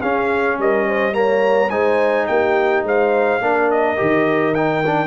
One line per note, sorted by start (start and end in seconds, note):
0.00 0.58 C#4
0.00 1.12 C#4
0.00 0.57 G#4
0.00 0.57 F5
0.58 1.71 G3
0.58 0.87 A#4
0.58 1.14 D#5
0.87 1.15 C5
1.12 1.69 A#3
1.12 1.71 C#5
1.12 1.70 A#5
1.70 2.27 G#3
1.70 3.40 D#4
1.70 2.27 C5
1.70 2.26 G#5
2.26 2.83 A#3
2.26 2.86 G4
2.26 2.83 G5
2.83 3.39 G#3
2.83 3.42 C5
2.83 3.71 F5
3.40 3.97 A#3
3.40 3.96 D4
3.40 5.07 A#4
3.71 4.54 D#5
3.96 5.07 D#3
3.96 4.53 G4
4.54 4.84 D#4
4.54 5.07 G5
4.86 5.07 D4